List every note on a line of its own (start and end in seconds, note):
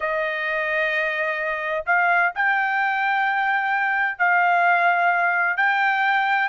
0.00 1.84 D#5
1.86 2.32 F5
2.34 4.18 G5
4.18 5.57 F5
5.57 6.49 G5